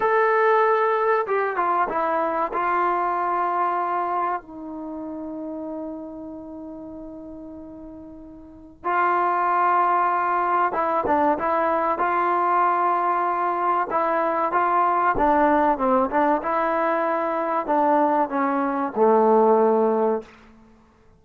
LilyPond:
\new Staff \with { instrumentName = "trombone" } { \time 4/4 \tempo 4 = 95 a'2 g'8 f'8 e'4 | f'2. dis'4~ | dis'1~ | dis'2 f'2~ |
f'4 e'8 d'8 e'4 f'4~ | f'2 e'4 f'4 | d'4 c'8 d'8 e'2 | d'4 cis'4 a2 | }